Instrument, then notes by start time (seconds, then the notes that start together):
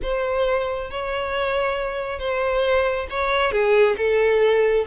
violin
0.02 C5
0.90 C#5
2.19 C5
3.10 C#5
3.51 G#4
3.97 A4